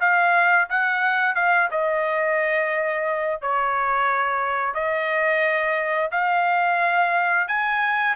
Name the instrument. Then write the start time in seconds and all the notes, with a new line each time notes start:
trumpet
0.00 F5
0.69 F#5
1.35 F5
1.71 D#5
3.41 C#5
4.74 D#5
6.11 F5
7.48 G#5